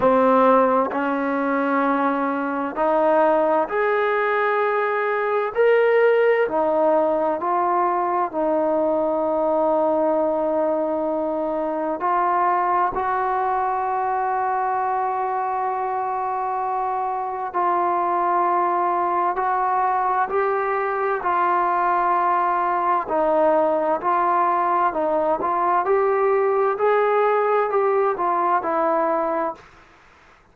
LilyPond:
\new Staff \with { instrumentName = "trombone" } { \time 4/4 \tempo 4 = 65 c'4 cis'2 dis'4 | gis'2 ais'4 dis'4 | f'4 dis'2.~ | dis'4 f'4 fis'2~ |
fis'2. f'4~ | f'4 fis'4 g'4 f'4~ | f'4 dis'4 f'4 dis'8 f'8 | g'4 gis'4 g'8 f'8 e'4 | }